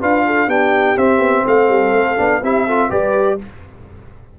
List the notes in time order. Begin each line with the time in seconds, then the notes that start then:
0.00 D4 F4 B4 F5
0.26 A4
0.47 B3 D4 G4 G5
0.96 C4 E5
1.18 B3
1.46 A3 A4 F5
1.68 G3
1.92 A3
2.17 B3 D4
2.42 C4 E4 G4 E5
2.66 F4 A4
2.89 G3 G4 B4 D5